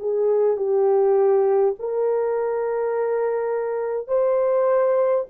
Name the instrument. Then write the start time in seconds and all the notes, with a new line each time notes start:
horn
0.00 G#4
0.57 G4
1.79 A#4
4.07 C5